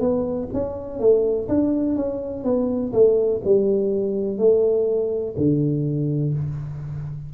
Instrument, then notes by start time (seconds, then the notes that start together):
tuba
0.00 B3
0.53 C#4
1.00 A3
1.48 D4
1.96 C#4
2.44 B3
2.93 A3
3.44 G3
4.38 A3
5.37 D3